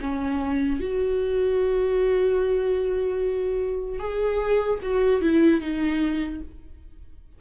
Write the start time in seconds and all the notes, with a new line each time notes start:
0.00 C#4
0.80 F#4
3.99 G#4
4.82 F#4
5.21 E4
5.60 D#4